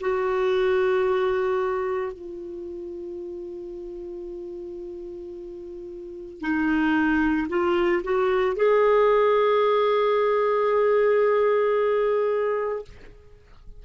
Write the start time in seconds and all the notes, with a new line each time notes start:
0.00 F#4
2.12 F4
6.40 D#4
7.48 F4
8.03 F#4
8.56 G#4